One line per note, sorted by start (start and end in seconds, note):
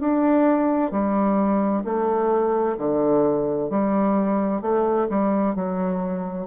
0.00 0.91 D4
0.91 1.83 G3
1.85 2.77 A3
2.77 3.70 D3
3.70 4.62 G3
4.62 5.08 A3
5.09 5.55 G3
5.55 6.47 F#3